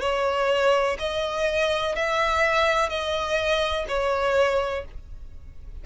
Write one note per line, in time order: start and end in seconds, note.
0.00 0.97 C#5
0.99 1.95 D#5
1.95 2.89 E5
2.89 3.85 D#5
3.88 4.84 C#5